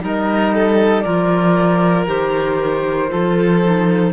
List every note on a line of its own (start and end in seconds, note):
0.00 1.06 G3
0.00 1.03 D#4
0.00 0.55 A#4
0.06 1.02 D#5
0.55 1.04 A4
1.02 2.07 F3
1.02 2.07 F4
1.02 3.11 A#4
1.02 2.05 D5
2.07 3.10 D#3
2.07 3.09 G4
2.07 4.13 C5
3.09 4.13 F3
3.09 3.61 F4
3.09 4.13 A4
3.63 4.13 D#4